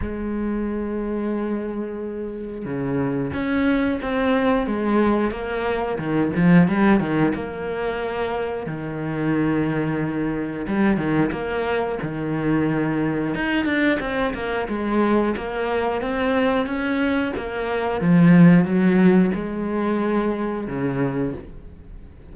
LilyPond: \new Staff \with { instrumentName = "cello" } { \time 4/4 \tempo 4 = 90 gis1 | cis4 cis'4 c'4 gis4 | ais4 dis8 f8 g8 dis8 ais4~ | ais4 dis2. |
g8 dis8 ais4 dis2 | dis'8 d'8 c'8 ais8 gis4 ais4 | c'4 cis'4 ais4 f4 | fis4 gis2 cis4 | }